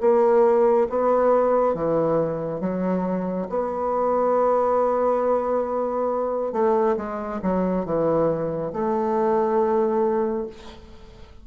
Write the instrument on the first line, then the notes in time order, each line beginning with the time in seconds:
bassoon
0.00 A#3
0.89 B3
1.74 E3
2.60 F#3
3.49 B3
6.52 A3
6.97 G#3
7.42 F#3
7.85 E3
8.73 A3